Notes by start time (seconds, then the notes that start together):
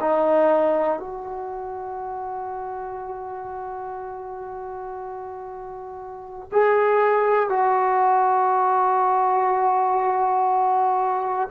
0.00 D#4
0.99 F#4
6.51 G#4
7.49 F#4